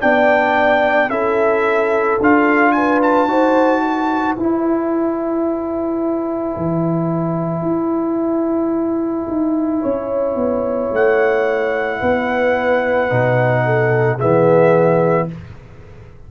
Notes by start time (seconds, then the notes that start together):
0.00 B3 D4 D5 G5
1.08 C#4 E4 A4 E5
2.20 D4 F4 F5
2.72 B4 G#5
3.02 A5
3.26 D#4 F#4 C5
3.82 B4
4.35 E4 G#5
6.56 E3
7.61 E4
9.27 D#4
9.81 C#4 C#5
10.35 B3
10.92 A3 F#5
11.99 B3 B4
13.09 B2 D#4
13.65 A4
14.17 E3 B3 G#4 E5